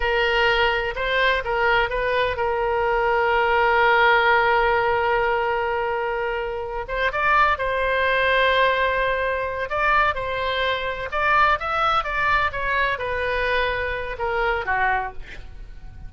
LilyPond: \new Staff \with { instrumentName = "oboe" } { \time 4/4 \tempo 4 = 127 ais'2 c''4 ais'4 | b'4 ais'2.~ | ais'1~ | ais'2~ ais'8 c''8 d''4 |
c''1~ | c''8 d''4 c''2 d''8~ | d''8 e''4 d''4 cis''4 b'8~ | b'2 ais'4 fis'4 | }